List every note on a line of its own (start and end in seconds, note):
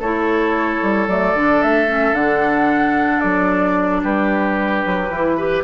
0.00 0.81 A3
0.00 1.09 E4
0.00 4.02 A4
0.00 1.09 C#5
0.83 1.08 G3
1.08 1.34 F#3
1.08 1.36 A3
1.08 1.63 D5
1.34 1.61 D3
1.34 1.88 D4
1.63 2.14 A3
1.63 2.15 E5
1.88 2.14 C#4
2.14 3.21 D3
2.14 5.08 D4
2.14 3.20 F#5
3.20 4.04 F#3
3.20 4.01 D5
4.03 4.85 G3
4.03 5.37 G4
4.03 5.64 B4
4.86 5.10 F#3
5.10 5.63 E3
5.10 5.38 E4
5.37 5.64 G4
5.37 5.64 B4